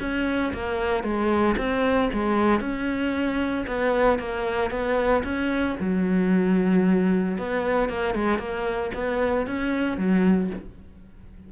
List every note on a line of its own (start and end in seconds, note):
0.00 0.53 C#4
0.54 1.03 A#3
1.03 1.56 G#3
1.57 2.10 C4
2.13 2.60 G#3
2.60 3.66 C#4
3.67 4.19 B3
4.19 4.71 A#3
4.71 5.23 B3
5.24 5.77 C#4
5.80 7.38 F#3
7.38 7.89 B3
7.89 8.15 A#3
8.15 8.39 G#3
8.39 8.91 A#3
8.94 9.47 B3
9.47 9.98 C#4
9.98 10.50 F#3